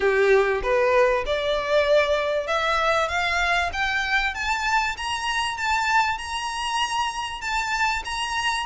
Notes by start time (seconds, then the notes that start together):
0.00 G4
0.62 B4
1.26 D5
2.47 E5
3.08 F5
3.73 G5
4.34 A5
4.97 A#5
5.57 A5
6.18 A#5
7.41 A5
8.04 A#5